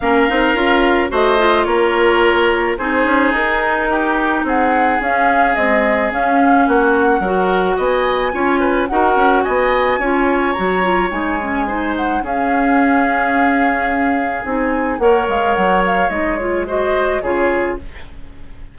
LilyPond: <<
  \new Staff \with { instrumentName = "flute" } { \time 4/4 \tempo 4 = 108 f''2 dis''4 cis''4~ | cis''4 c''4 ais'2 | fis''4 f''4 dis''4 f''4 | fis''2 gis''2 |
fis''4 gis''2 ais''4 | gis''4. fis''8 f''2~ | f''2 gis''4 fis''8 f''8 | fis''8 f''8 dis''8 cis''8 dis''4 cis''4 | }
  \new Staff \with { instrumentName = "oboe" } { \time 4/4 ais'2 c''4 ais'4~ | ais'4 gis'2 g'4 | gis'1 | fis'4 ais'4 dis''4 cis''8 b'8 |
ais'4 dis''4 cis''2~ | cis''4 c''4 gis'2~ | gis'2. cis''4~ | cis''2 c''4 gis'4 | }
  \new Staff \with { instrumentName = "clarinet" } { \time 4/4 cis'8 dis'8 f'4 fis'8 f'4.~ | f'4 dis'2.~ | dis'4 cis'4 gis4 cis'4~ | cis'4 fis'2 f'4 |
fis'2 f'4 fis'8 f'8 | dis'8 cis'8 dis'4 cis'2~ | cis'2 dis'4 ais'4~ | ais'4 dis'8 f'8 fis'4 f'4 | }
  \new Staff \with { instrumentName = "bassoon" } { \time 4/4 ais8 c'8 cis'4 a4 ais4~ | ais4 c'8 cis'8 dis'2 | c'4 cis'4 c'4 cis'4 | ais4 fis4 b4 cis'4 |
dis'8 cis'8 b4 cis'4 fis4 | gis2 cis'2~ | cis'2 c'4 ais8 gis8 | fis4 gis2 cis4 | }
>>